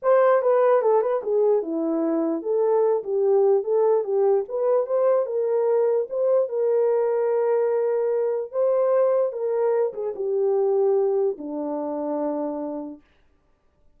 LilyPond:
\new Staff \with { instrumentName = "horn" } { \time 4/4 \tempo 4 = 148 c''4 b'4 a'8 b'8 gis'4 | e'2 a'4. g'8~ | g'4 a'4 g'4 b'4 | c''4 ais'2 c''4 |
ais'1~ | ais'4 c''2 ais'4~ | ais'8 gis'8 g'2. | d'1 | }